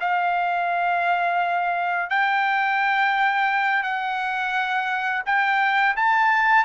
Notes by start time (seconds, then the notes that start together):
0.00 F5
2.10 G5
3.82 F#5
5.25 G5
5.96 A5